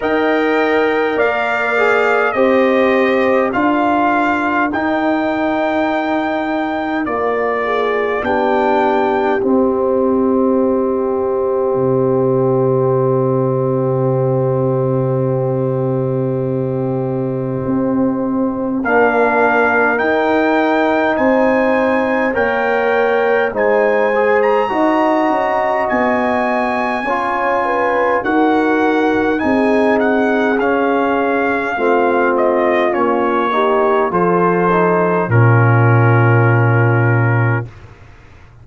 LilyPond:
<<
  \new Staff \with { instrumentName = "trumpet" } { \time 4/4 \tempo 4 = 51 g''4 f''4 dis''4 f''4 | g''2 d''4 g''4 | dis''1~ | dis''1 |
f''4 g''4 gis''4 g''4 | gis''8. ais''4~ ais''16 gis''2 | fis''4 gis''8 fis''8 f''4. dis''8 | cis''4 c''4 ais'2 | }
  \new Staff \with { instrumentName = "horn" } { \time 4/4 dis''4 d''4 c''4 ais'4~ | ais'2~ ais'8 gis'8 g'4~ | g'1~ | g'1 |
ais'2 c''4 cis''4 | c''4 dis''2 cis''8 b'8 | ais'4 gis'2 f'4~ | f'8 g'8 a'4 f'2 | }
  \new Staff \with { instrumentName = "trombone" } { \time 4/4 ais'4. gis'8 g'4 f'4 | dis'2 f'4 d'4 | c'1~ | c'1 |
d'4 dis'2 ais'4 | dis'8 gis'8 fis'2 f'4 | fis'4 dis'4 cis'4 c'4 | cis'8 dis'8 f'8 dis'8 cis'2 | }
  \new Staff \with { instrumentName = "tuba" } { \time 4/4 dis'4 ais4 c'4 d'4 | dis'2 ais4 b4 | c'2 c2~ | c2. c'4 |
ais4 dis'4 c'4 ais4 | gis4 dis'8 cis'8 b4 cis'4 | dis'4 c'4 cis'4 a4 | ais4 f4 ais,2 | }
>>